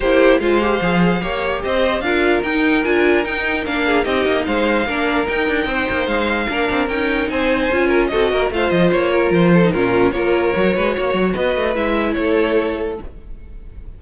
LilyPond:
<<
  \new Staff \with { instrumentName = "violin" } { \time 4/4 \tempo 4 = 148 c''4 f''2. | dis''4 f''4 g''4 gis''4 | g''4 f''4 dis''4 f''4~ | f''4 g''2 f''4~ |
f''4 g''4 gis''2 | dis''4 f''8 dis''8 cis''4 c''4 | ais'4 cis''2. | dis''4 e''4 cis''2 | }
  \new Staff \with { instrumentName = "violin" } { \time 4/4 g'4 c''2 cis''4 | c''4 ais'2.~ | ais'4. gis'8 g'4 c''4 | ais'2 c''2 |
ais'2 c''4. ais'8 | a'8 ais'8 c''4. ais'4 a'8 | f'4 ais'4. b'8 cis''4 | b'2 a'2 | }
  \new Staff \with { instrumentName = "viola" } { \time 4/4 e'4 f'8 g'8 gis'4 g'4~ | g'4 f'4 dis'4 f'4 | dis'4 d'4 dis'2 | d'4 dis'2. |
d'4 dis'2 f'4 | fis'4 f'2~ f'8. dis'16 | cis'4 f'4 fis'2~ | fis'4 e'2. | }
  \new Staff \with { instrumentName = "cello" } { \time 4/4 ais4 gis4 f4 ais4 | c'4 d'4 dis'4 d'4 | dis'4 ais4 c'8 ais8 gis4 | ais4 dis'8 d'8 c'8 ais8 gis4 |
ais8 c'8 cis'4 c'4 cis'4 | c'8 ais8 a8 f8 ais4 f4 | ais,4 ais4 fis8 gis8 ais8 fis8 | b8 a8 gis4 a2 | }
>>